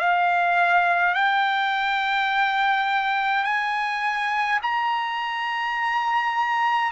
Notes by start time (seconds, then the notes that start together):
0.00 F5
1.15 G5
3.45 G#5
4.63 A#5